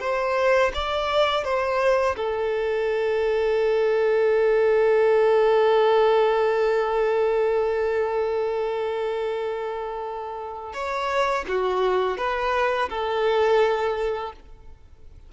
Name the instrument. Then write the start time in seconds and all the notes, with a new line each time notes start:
violin
0.00 C5
0.74 D5
1.44 C5
2.16 A4
10.73 C#5
11.48 F#4
12.17 B4
12.89 A4